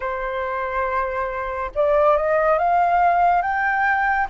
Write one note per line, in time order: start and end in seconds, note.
0.00 1.71 C5
1.74 2.17 D5
2.17 2.58 D#5
2.58 3.41 F5
3.41 4.27 G5